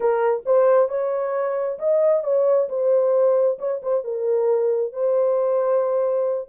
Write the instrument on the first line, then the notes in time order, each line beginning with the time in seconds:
horn
0.00 A#4
0.45 C5
0.88 C#5
1.78 D#5
2.23 C#5
2.68 C5
3.58 C#5
3.82 C5
4.04 A#4
4.92 C5